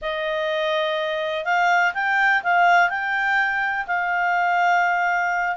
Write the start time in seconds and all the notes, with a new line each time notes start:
0.01 D#5
1.44 F5
1.94 G5
2.43 F5
2.89 G5
3.87 F5